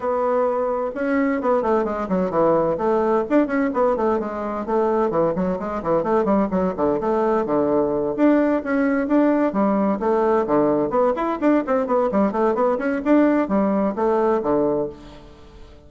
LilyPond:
\new Staff \with { instrumentName = "bassoon" } { \time 4/4 \tempo 4 = 129 b2 cis'4 b8 a8 | gis8 fis8 e4 a4 d'8 cis'8 | b8 a8 gis4 a4 e8 fis8 | gis8 e8 a8 g8 fis8 d8 a4 |
d4. d'4 cis'4 d'8~ | d'8 g4 a4 d4 b8 | e'8 d'8 c'8 b8 g8 a8 b8 cis'8 | d'4 g4 a4 d4 | }